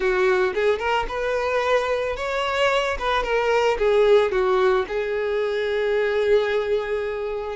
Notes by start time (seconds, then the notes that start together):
0.00 F#4
0.54 G#4
0.78 A#4
1.08 B4
2.16 C#5
2.99 B4
3.23 A#4
3.78 G#4
4.31 F#4
4.87 G#4